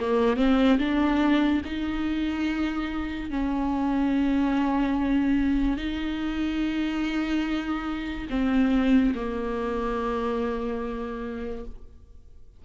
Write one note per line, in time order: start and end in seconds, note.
0.00 0.37 A#3
0.37 0.78 C4
0.78 1.62 D4
1.65 3.30 D#4
3.30 5.78 C#4
5.78 8.28 D#4
8.30 9.14 C4
9.15 11.65 A#3